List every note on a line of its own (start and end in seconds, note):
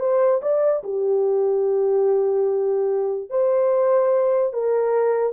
0.00 0.41 C5
0.42 0.83 D5
0.84 3.30 G4
3.30 4.53 C5
4.54 5.33 A#4